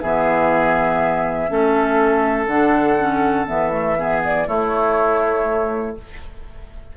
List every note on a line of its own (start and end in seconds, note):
0.00 1.51 E3
0.00 1.49 B3
0.00 1.51 G#4
0.00 2.47 E5
1.49 2.47 A3
1.49 2.48 C#4
1.49 3.99 A4
2.47 3.46 D3
2.47 2.99 D4
2.47 3.46 F#5
2.99 3.47 C#4
3.47 4.48 E3
3.47 3.71 B3
3.47 4.23 E5
3.71 3.96 A3
3.99 4.47 B3
3.99 4.48 G#4
4.25 4.49 D5
4.47 5.96 A3
4.47 5.97 A3
4.47 5.96 E4
4.47 5.97 C#5